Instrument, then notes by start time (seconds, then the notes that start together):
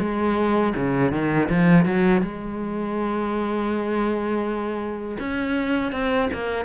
cello
0.00 G#3
0.76 C#3
1.12 D#3
1.50 F3
1.86 F#3
2.22 G#3
5.20 C#4
5.93 C4
6.33 A#3